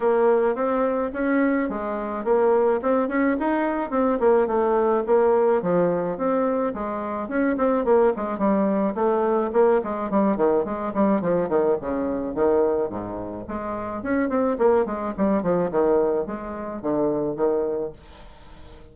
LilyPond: \new Staff \with { instrumentName = "bassoon" } { \time 4/4 \tempo 4 = 107 ais4 c'4 cis'4 gis4 | ais4 c'8 cis'8 dis'4 c'8 ais8 | a4 ais4 f4 c'4 | gis4 cis'8 c'8 ais8 gis8 g4 |
a4 ais8 gis8 g8 dis8 gis8 g8 | f8 dis8 cis4 dis4 gis,4 | gis4 cis'8 c'8 ais8 gis8 g8 f8 | dis4 gis4 d4 dis4 | }